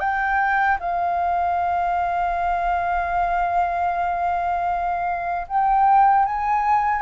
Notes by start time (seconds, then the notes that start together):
0.00 G5
0.80 F5
5.48 G5
6.26 G#5